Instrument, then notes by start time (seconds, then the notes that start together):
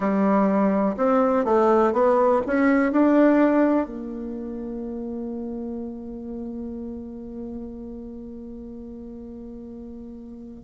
bassoon
0.00 G3
0.96 C4
1.45 A3
1.92 B3
2.46 C#4
2.92 D4
3.86 A#3